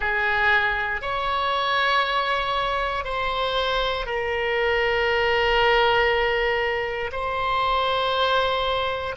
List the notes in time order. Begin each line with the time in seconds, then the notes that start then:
0.00 G#4
1.01 C#5
3.04 C5
4.05 A#4
7.12 C5